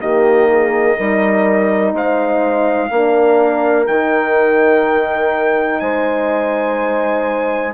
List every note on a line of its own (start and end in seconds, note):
0.00 0.98 D#3
0.00 0.96 A#3
0.00 0.49 G4
0.00 1.94 D#5
0.50 0.96 G#4
0.96 1.93 G3
0.96 2.90 D#4
0.96 1.93 A#4
1.93 2.90 G#3
1.93 2.91 C5
1.93 3.86 F5
2.90 3.87 A#3
2.90 3.87 D4
2.90 5.80 A#4
3.86 5.80 D#3
3.86 7.74 D#4
3.86 5.79 G5
5.79 7.74 G#3
5.79 7.74 C5
5.79 7.73 G#5